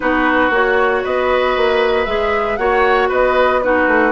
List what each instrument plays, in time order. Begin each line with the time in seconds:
0.00 bassoon B3, clarinet D#4, oboe F#4, flute B4
0.50 bassoon A#3, clarinet F#4, flute C#5
1.03 bassoon B3, oboe B4, flute D#5
1.56 bassoon A#3
2.05 bassoon G#3, clarinet G#4, flute E5
2.56 bassoon A#3, clarinet F#4, oboe C#5, flute F#5
3.08 bassoon B3, oboe B4, flute D#5
3.62 clarinet D#4, oboe F#4, flute B4
3.87 bassoon A3